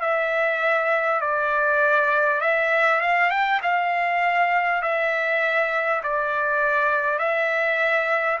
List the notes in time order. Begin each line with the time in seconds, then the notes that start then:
0.00 E5
1.20 D5
2.40 E5
3.01 F5
3.30 G5
3.62 F5
4.82 E5
6.03 D5
7.18 E5